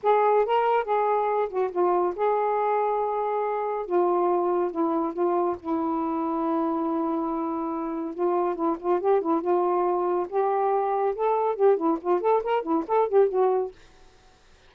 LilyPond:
\new Staff \with { instrumentName = "saxophone" } { \time 4/4 \tempo 4 = 140 gis'4 ais'4 gis'4. fis'8 | f'4 gis'2.~ | gis'4 f'2 e'4 | f'4 e'2.~ |
e'2. f'4 | e'8 f'8 g'8 e'8 f'2 | g'2 a'4 g'8 e'8 | f'8 a'8 ais'8 e'8 a'8 g'8 fis'4 | }